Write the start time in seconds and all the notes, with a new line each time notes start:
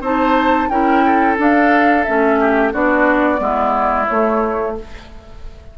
0.00 C4 D#4 C5 A5
0.69 C#4 E4 A#4 G5
1.05 A4
1.37 D4 F5
2.04 A3 C#4 E5
2.40 G4
2.72 B3 D4 F#4 D5
3.38 G#3 B3 E4
4.07 A3 C#5